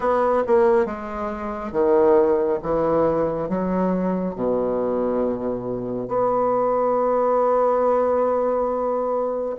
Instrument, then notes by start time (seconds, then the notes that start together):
bassoon
0.00 B3
0.47 A#3
0.85 G#3
1.72 D#3
2.62 E3
3.49 F#3
4.35 B2
6.08 B3